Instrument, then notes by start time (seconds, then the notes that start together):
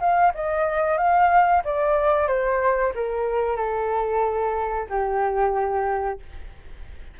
flute
0.00 F5
0.34 D#5
0.98 F5
1.64 D5
2.28 C5
2.95 A#4
3.57 A4
4.89 G4